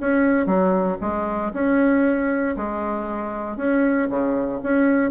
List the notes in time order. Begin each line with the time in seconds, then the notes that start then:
0.00 C#4
0.46 F#3
1.00 G#3
1.53 C#4
2.56 G#3
3.57 C#4
4.09 C#3
4.63 C#4